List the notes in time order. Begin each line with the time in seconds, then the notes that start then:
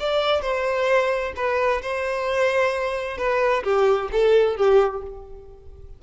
0.00 D5
0.42 C5
1.36 B4
1.82 C5
3.18 B4
3.64 G4
4.13 A4
4.57 G4